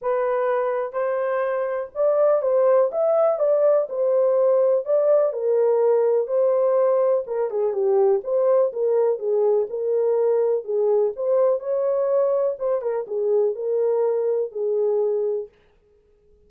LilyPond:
\new Staff \with { instrumentName = "horn" } { \time 4/4 \tempo 4 = 124 b'2 c''2 | d''4 c''4 e''4 d''4 | c''2 d''4 ais'4~ | ais'4 c''2 ais'8 gis'8 |
g'4 c''4 ais'4 gis'4 | ais'2 gis'4 c''4 | cis''2 c''8 ais'8 gis'4 | ais'2 gis'2 | }